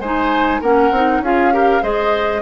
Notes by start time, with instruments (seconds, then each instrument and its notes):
0.00 bassoon G#3, clarinet D#4, oboe C5, flute G#5
0.61 bassoon A#3, clarinet C#4, oboe A#4, flute F#5
0.91 bassoon C4, clarinet D#4
1.20 bassoon C#4, clarinet F4, oboe G#4, flute F5
1.53 clarinet G4, oboe A#4
1.82 bassoon G#3, clarinet G#4, oboe C5, flute D#5